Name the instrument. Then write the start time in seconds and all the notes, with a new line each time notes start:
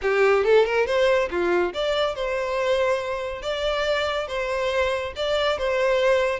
violin
0.02 G4
0.44 A4
0.65 A#4
0.86 C5
1.30 F4
1.73 D5
2.15 C5
3.41 D5
4.27 C5
5.15 D5
5.58 C5